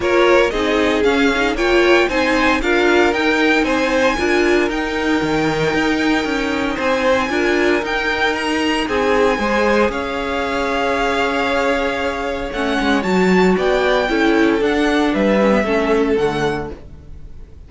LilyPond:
<<
  \new Staff \with { instrumentName = "violin" } { \time 4/4 \tempo 4 = 115 cis''4 dis''4 f''4 g''4 | gis''4 f''4 g''4 gis''4~ | gis''4 g''2.~ | g''4 gis''2 g''4 |
ais''4 gis''2 f''4~ | f''1 | fis''4 a''4 g''2 | fis''4 e''2 fis''4 | }
  \new Staff \with { instrumentName = "violin" } { \time 4/4 ais'4 gis'2 cis''4 | c''4 ais'2 c''4 | ais'1~ | ais'4 c''4 ais'2~ |
ais'4 gis'4 c''4 cis''4~ | cis''1~ | cis''2 d''4 a'4~ | a'4 b'4 a'2 | }
  \new Staff \with { instrumentName = "viola" } { \time 4/4 f'4 dis'4 cis'8 dis'8 f'4 | dis'4 f'4 dis'2 | f'4 dis'2.~ | dis'2 f'4 dis'4~ |
dis'2 gis'2~ | gis'1 | cis'4 fis'2 e'4 | d'4. cis'16 b16 cis'4 a4 | }
  \new Staff \with { instrumentName = "cello" } { \time 4/4 ais4 c'4 cis'4 ais4 | c'4 d'4 dis'4 c'4 | d'4 dis'4 dis4 dis'4 | cis'4 c'4 d'4 dis'4~ |
dis'4 c'4 gis4 cis'4~ | cis'1 | a8 gis8 fis4 b4 cis'4 | d'4 g4 a4 d4 | }
>>